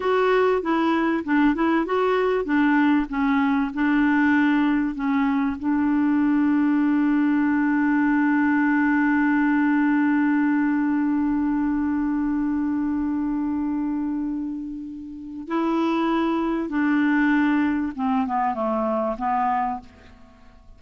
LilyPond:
\new Staff \with { instrumentName = "clarinet" } { \time 4/4 \tempo 4 = 97 fis'4 e'4 d'8 e'8 fis'4 | d'4 cis'4 d'2 | cis'4 d'2.~ | d'1~ |
d'1~ | d'1~ | d'4 e'2 d'4~ | d'4 c'8 b8 a4 b4 | }